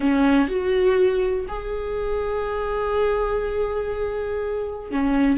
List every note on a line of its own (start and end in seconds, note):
0.00 0.47 C#4
0.47 1.46 F#4
1.48 4.91 G#4
4.91 5.38 C#4